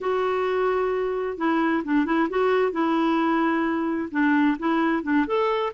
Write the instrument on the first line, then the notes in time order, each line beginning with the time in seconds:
clarinet
0.00 F#4
1.37 E4
1.84 D4
2.05 E4
2.29 F#4
2.71 E4
4.11 D4
4.59 E4
5.03 D4
5.27 A4